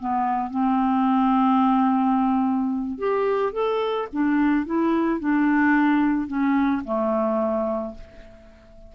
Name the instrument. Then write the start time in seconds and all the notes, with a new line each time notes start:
clarinet
0.00 B3
0.51 C4
2.99 G4
3.53 A4
4.13 D4
4.66 E4
5.20 D4
6.28 C#4
6.85 A3